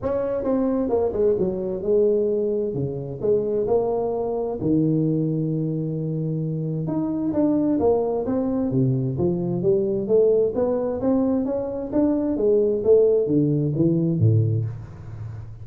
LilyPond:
\new Staff \with { instrumentName = "tuba" } { \time 4/4 \tempo 4 = 131 cis'4 c'4 ais8 gis8 fis4 | gis2 cis4 gis4 | ais2 dis2~ | dis2. dis'4 |
d'4 ais4 c'4 c4 | f4 g4 a4 b4 | c'4 cis'4 d'4 gis4 | a4 d4 e4 a,4 | }